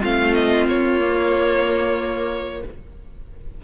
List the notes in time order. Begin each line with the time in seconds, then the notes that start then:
0.00 A3 C4 F4 F5
0.34 D#5
0.67 A#3 C#5
1.00 A#3